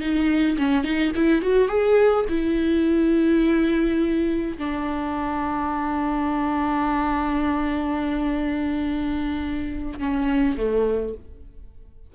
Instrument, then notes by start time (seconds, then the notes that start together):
viola
0.00 D#4
0.58 C#4
0.84 D#4
1.16 E4
1.42 F#4
1.68 G#4
2.29 E4
4.58 D4
9.99 C#4
10.57 A3